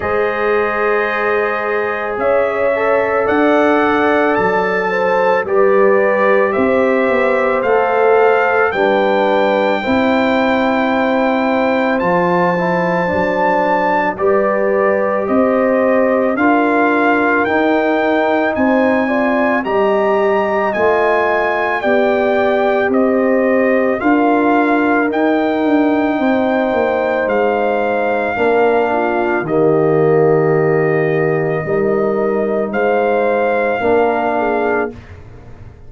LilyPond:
<<
  \new Staff \with { instrumentName = "trumpet" } { \time 4/4 \tempo 4 = 55 dis''2 e''4 fis''4 | a''4 d''4 e''4 f''4 | g''2. a''4~ | a''4 d''4 dis''4 f''4 |
g''4 gis''4 ais''4 gis''4 | g''4 dis''4 f''4 g''4~ | g''4 f''2 dis''4~ | dis''2 f''2 | }
  \new Staff \with { instrumentName = "horn" } { \time 4/4 c''2 cis''4 d''4~ | d''8 c''8 b'4 c''2 | b'4 c''2.~ | c''4 b'4 c''4 ais'4~ |
ais'4 c''8 d''8 dis''2 | d''4 c''4 ais'2 | c''2 ais'8 f'8 g'4~ | g'4 ais'4 c''4 ais'8 gis'8 | }
  \new Staff \with { instrumentName = "trombone" } { \time 4/4 gis'2~ gis'8 a'4.~ | a'4 g'2 a'4 | d'4 e'2 f'8 e'8 | d'4 g'2 f'4 |
dis'4. f'8 g'4 f'4 | g'2 f'4 dis'4~ | dis'2 d'4 ais4~ | ais4 dis'2 d'4 | }
  \new Staff \with { instrumentName = "tuba" } { \time 4/4 gis2 cis'4 d'4 | fis4 g4 c'8 b8 a4 | g4 c'2 f4 | fis4 g4 c'4 d'4 |
dis'4 c'4 g4 a4 | b4 c'4 d'4 dis'8 d'8 | c'8 ais8 gis4 ais4 dis4~ | dis4 g4 gis4 ais4 | }
>>